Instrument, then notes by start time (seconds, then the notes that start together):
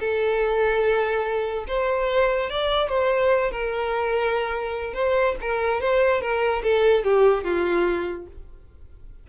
violin
0.00 A4
1.68 C5
2.50 D5
2.89 C5
3.52 A#4
4.94 C5
5.41 A#4
5.81 C5
6.21 A#4
6.63 A4
7.04 G4
7.44 F4